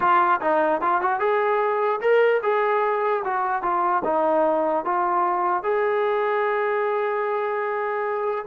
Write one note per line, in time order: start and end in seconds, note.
0.00 0.40 F4
0.40 0.81 D#4
0.81 1.01 F4
1.01 1.19 F#4
1.19 2.00 G#4
2.00 2.41 A#4
2.42 3.23 G#4
3.24 3.62 F#4
3.62 4.02 F4
4.04 4.84 D#4
4.84 5.63 F4
5.63 8.45 G#4